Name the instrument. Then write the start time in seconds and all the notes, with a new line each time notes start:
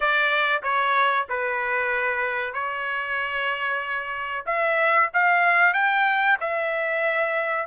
trumpet
0.00 D5
0.62 C#5
1.29 B4
2.53 C#5
4.46 E5
5.13 F5
5.73 G5
6.40 E5